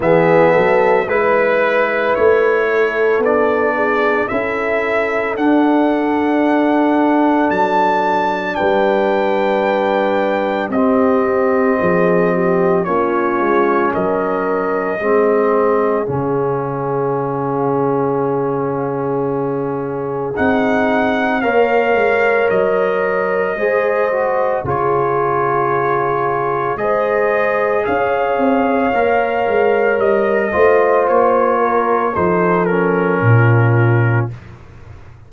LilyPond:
<<
  \new Staff \with { instrumentName = "trumpet" } { \time 4/4 \tempo 4 = 56 e''4 b'4 cis''4 d''4 | e''4 fis''2 a''4 | g''2 dis''2 | cis''4 dis''2 f''4~ |
f''2. fis''4 | f''4 dis''2 cis''4~ | cis''4 dis''4 f''2 | dis''4 cis''4 c''8 ais'4. | }
  \new Staff \with { instrumentName = "horn" } { \time 4/4 gis'8 a'8 b'4. a'4 gis'8 | a'1 | b'2 g'4 gis'8 g'8 | f'4 ais'4 gis'2~ |
gis'1 | cis''2 c''4 gis'4~ | gis'4 c''4 cis''2~ | cis''8 c''4 ais'8 a'4 f'4 | }
  \new Staff \with { instrumentName = "trombone" } { \time 4/4 b4 e'2 d'4 | e'4 d'2.~ | d'2 c'2 | cis'2 c'4 cis'4~ |
cis'2. dis'4 | ais'2 gis'8 fis'8 f'4~ | f'4 gis'2 ais'4~ | ais'8 f'4. dis'8 cis'4. | }
  \new Staff \with { instrumentName = "tuba" } { \time 4/4 e8 fis8 gis4 a4 b4 | cis'4 d'2 fis4 | g2 c'4 f4 | ais8 gis8 fis4 gis4 cis4~ |
cis2. c'4 | ais8 gis8 fis4 gis4 cis4~ | cis4 gis4 cis'8 c'8 ais8 gis8 | g8 a8 ais4 f4 ais,4 | }
>>